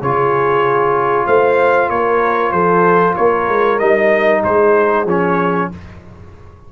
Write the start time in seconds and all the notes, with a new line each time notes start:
0.00 C#3 F4 G#4 C#5
1.26 A3 C5 F5
1.89 A#3 A#4 C#5
2.51 F3 A4 C5
3.15 A#3 A#4 C#5
3.49 G#3
3.79 G3 D#4 D#5
4.42 G#3 G#4 C5
5.05 F3 C#4 C#5